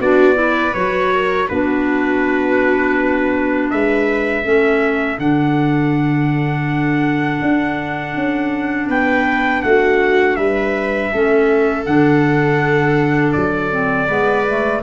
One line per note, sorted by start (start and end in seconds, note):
0.00 0.74 B3
0.00 0.34 D4
0.00 0.37 F#4
0.00 0.74 D5
0.34 0.71 E4
0.34 1.14 B4
0.74 1.49 F#3
0.74 1.49 F#4
0.74 1.48 C#5
1.14 1.48 A#4
1.48 3.72 B3
1.48 4.43 D4
1.48 3.70 F#4
1.48 3.70 B4
3.70 4.45 G#3
3.70 4.45 B4
3.70 5.18 E5
4.43 5.19 A3
4.43 5.17 C#4
4.43 8.89 A4
5.19 7.41 D3
5.19 11.12 D4
5.19 8.90 F#5
7.42 8.15 D4
8.15 8.89 C#4
8.89 9.63 B3
8.89 9.63 B4
8.89 9.62 G5
9.62 10.37 A3
9.62 10.37 F#4
9.62 10.36 F#5
10.36 11.11 G3
10.36 11.12 B4
10.36 11.84 E5
11.12 11.86 A3
11.12 11.86 C#4
11.12 14.07 A4
11.85 13.34 D3
11.85 13.71 D4
11.85 13.32 F#5
13.32 14.08 F#3
13.32 14.81 D5
13.71 14.08 C4
14.07 14.82 G#3
14.07 14.45 B3
14.07 14.81 B4
14.48 14.83 A3